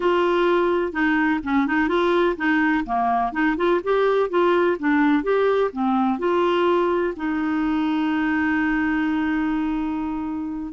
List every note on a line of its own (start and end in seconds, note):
0.00 0.92 F4
0.92 1.40 D#4
1.43 1.67 C#4
1.67 1.88 D#4
1.88 2.36 F4
2.36 2.84 D#4
2.85 3.32 A#3
3.32 3.56 D#4
3.56 3.80 F4
3.83 4.29 G4
4.29 4.77 F4
4.79 5.23 D4
5.23 5.70 G4
5.72 6.18 C4
6.18 7.14 F4
7.16 10.73 D#4